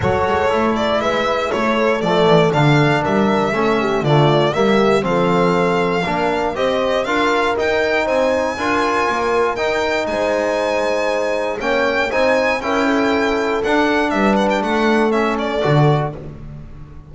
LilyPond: <<
  \new Staff \with { instrumentName = "violin" } { \time 4/4 \tempo 4 = 119 cis''4. d''8 e''4 cis''4 | d''4 f''4 e''2 | d''4 e''4 f''2~ | f''4 dis''4 f''4 g''4 |
gis''2. g''4 | gis''2. g''4 | gis''4 g''2 fis''4 | e''8 fis''16 g''16 fis''4 e''8 d''4. | }
  \new Staff \with { instrumentName = "horn" } { \time 4/4 a'2 b'4 a'4~ | a'2 ais'4 a'8 g'8 | f'4 g'4 a'2 | ais'4 c''4 ais'2 |
c''4 ais'2. | c''2. cis''4 | c''4 ais'8 a'2~ a'8 | b'4 a'2. | }
  \new Staff \with { instrumentName = "trombone" } { \time 4/4 fis'4 e'2. | a4 d'2 cis'4 | a4 ais4 c'2 | d'4 g'4 f'4 dis'4~ |
dis'4 f'2 dis'4~ | dis'2. cis'4 | dis'4 e'2 d'4~ | d'2 cis'4 fis'4 | }
  \new Staff \with { instrumentName = "double bass" } { \time 4/4 fis8 gis8 a4 gis4 a4 | f8 e8 d4 g4 a4 | d4 g4 f2 | ais4 c'4 d'4 dis'4 |
c'4 d'4 ais4 dis'4 | gis2. ais4 | c'4 cis'2 d'4 | g4 a2 d4 | }
>>